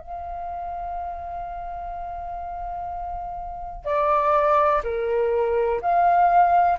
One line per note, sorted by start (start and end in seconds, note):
0.00 3.85 F5
3.85 4.82 D5
4.84 5.81 A#4
5.82 6.78 F5